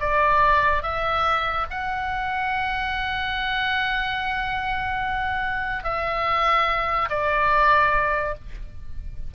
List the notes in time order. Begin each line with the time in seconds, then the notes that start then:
0.00 D5
0.83 E5
1.70 F#5
5.84 E5
7.09 D5